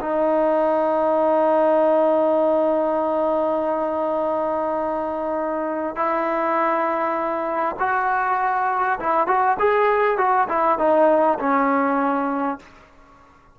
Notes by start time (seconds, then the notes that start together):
0.00 D#4
5.96 E4
7.79 F#4
8.99 E4
9.27 F#4
9.59 G#4
10.18 F#4
10.48 E4
10.78 D#4
11.39 C#4